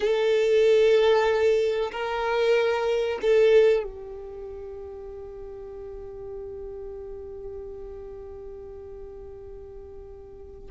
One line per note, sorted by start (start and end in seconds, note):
0.00 1.91 A4
1.91 3.19 A#4
3.21 3.83 A4
3.83 10.69 G4